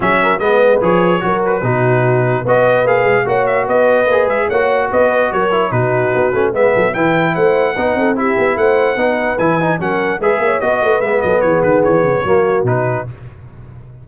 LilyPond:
<<
  \new Staff \with { instrumentName = "trumpet" } { \time 4/4 \tempo 4 = 147 e''4 dis''4 cis''4. b'8~ | b'2 dis''4 f''4 | fis''8 e''8 dis''4. e''8 fis''4 | dis''4 cis''4 b'2 |
e''4 g''4 fis''2 | e''4 fis''2 gis''4 | fis''4 e''4 dis''4 e''8 dis''8 | cis''8 b'8 cis''2 b'4 | }
  \new Staff \with { instrumentName = "horn" } { \time 4/4 gis'8 ais'8 b'2 ais'4 | fis'2 b'2 | cis''4 b'2 cis''4 | b'4 ais'4 fis'2 |
b'8 a'8 b'4 c''4 b'8 a'8 | g'4 c''4 b'2 | ais'4 b'8 cis''8 dis''8 b'4 a'8 | gis'2 fis'2 | }
  \new Staff \with { instrumentName = "trombone" } { \time 4/4 cis'4 b4 gis'4 fis'4 | dis'2 fis'4 gis'4 | fis'2 gis'4 fis'4~ | fis'4. e'8 dis'4. cis'8 |
b4 e'2 dis'4 | e'2 dis'4 e'8 dis'8 | cis'4 gis'4 fis'4 b4~ | b2 ais4 dis'4 | }
  \new Staff \with { instrumentName = "tuba" } { \time 4/4 fis4 gis4 f4 fis4 | b,2 b4 ais8 gis8 | ais4 b4 ais8 gis8 ais4 | b4 fis4 b,4 b8 a8 |
gis8 fis8 e4 a4 b8 c'8~ | c'8 b8 a4 b4 e4 | fis4 gis8 ais8 b8 a8 gis8 fis8 | e8 dis8 e8 cis8 fis4 b,4 | }
>>